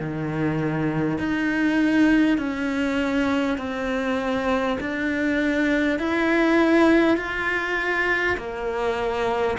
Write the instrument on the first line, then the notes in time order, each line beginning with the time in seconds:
cello
0.00 D#3
1.18 D#4
2.38 C#4
3.58 C4
4.81 D4
5.99 E4
7.17 F4
8.37 A#3